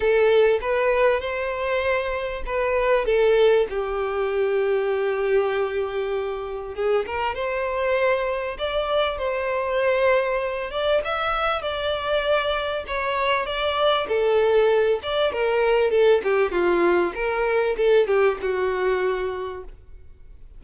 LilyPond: \new Staff \with { instrumentName = "violin" } { \time 4/4 \tempo 4 = 98 a'4 b'4 c''2 | b'4 a'4 g'2~ | g'2. gis'8 ais'8 | c''2 d''4 c''4~ |
c''4. d''8 e''4 d''4~ | d''4 cis''4 d''4 a'4~ | a'8 d''8 ais'4 a'8 g'8 f'4 | ais'4 a'8 g'8 fis'2 | }